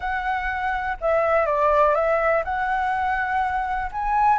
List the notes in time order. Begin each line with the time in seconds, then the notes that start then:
0.00 F#5
1.00 E5
1.46 D5
1.94 E5
2.44 F#5
3.92 G#5